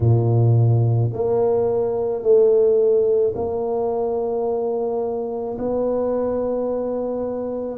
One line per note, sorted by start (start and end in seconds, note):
0.00 1.10 A#2
1.13 2.22 A#3
2.22 3.33 A3
3.35 5.57 A#3
5.58 7.78 B3